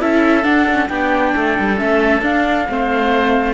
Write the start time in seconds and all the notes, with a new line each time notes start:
0.00 C#4 E4 A4 E5
0.43 D4 F#5
0.71 C#4
0.88 B3 D4 G4 G5
1.35 A3 A4
1.59 G3
1.77 A3 C#4 E5
2.21 D4 F5
2.68 A3 C4 C5